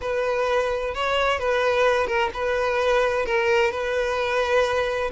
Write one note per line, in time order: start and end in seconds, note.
0.01 0.94 B4
0.94 1.39 C#5
1.39 2.07 B4
2.07 2.30 A#4
2.33 3.25 B4
3.25 3.71 A#4
3.71 5.10 B4